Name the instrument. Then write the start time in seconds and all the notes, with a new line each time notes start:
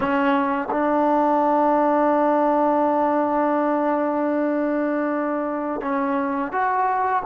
trombone
0.00 C#4
0.70 D4
5.81 C#4
6.52 F#4